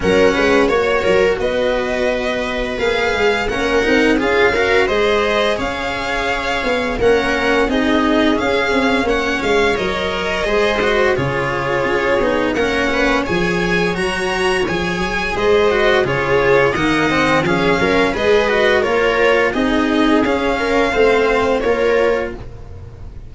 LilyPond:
<<
  \new Staff \with { instrumentName = "violin" } { \time 4/4 \tempo 4 = 86 fis''4 cis''4 dis''2 | f''4 fis''4 f''4 dis''4 | f''2 fis''4 dis''4 | f''4 fis''8 f''8 dis''2 |
cis''2 fis''4 gis''4 | ais''4 gis''4 dis''4 cis''4 | fis''4 f''4 dis''4 cis''4 | dis''4 f''2 cis''4 | }
  \new Staff \with { instrumentName = "viola" } { \time 4/4 ais'8 b'8 cis''8 ais'8 b'2~ | b'4 ais'4 gis'8 ais'8 c''4 | cis''2 ais'4 gis'4~ | gis'4 cis''2 c''4 |
gis'2 ais'8 b'8 cis''4~ | cis''2 c''4 gis'4 | dis''4 gis'8 ais'8 b'4 ais'4 | gis'4. ais'8 c''4 ais'4 | }
  \new Staff \with { instrumentName = "cello" } { \time 4/4 cis'4 fis'2. | gis'4 cis'8 dis'8 f'8 fis'8 gis'4~ | gis'2 cis'4 dis'4 | cis'2 ais'4 gis'8 fis'8 |
f'4. dis'8 cis'4 gis'4 | fis'4 gis'4. fis'8 f'4 | ais8 c'8 cis'4 gis'8 fis'8 f'4 | dis'4 cis'4 c'4 f'4 | }
  \new Staff \with { instrumentName = "tuba" } { \time 4/4 fis8 gis8 ais8 fis8 b2 | ais8 gis8 ais8 c'8 cis'4 gis4 | cis'4. b8 ais4 c'4 | cis'8 c'8 ais8 gis8 fis4 gis4 |
cis4 cis'8 b8 ais4 f4 | fis4 f8 fis8 gis4 cis4 | dis4 f8 fis8 gis4 ais4 | c'4 cis'4 a4 ais4 | }
>>